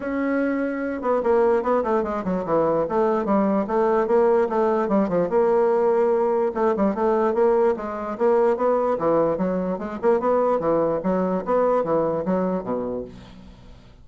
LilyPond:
\new Staff \with { instrumentName = "bassoon" } { \time 4/4 \tempo 4 = 147 cis'2~ cis'8 b8 ais4 | b8 a8 gis8 fis8 e4 a4 | g4 a4 ais4 a4 | g8 f8 ais2. |
a8 g8 a4 ais4 gis4 | ais4 b4 e4 fis4 | gis8 ais8 b4 e4 fis4 | b4 e4 fis4 b,4 | }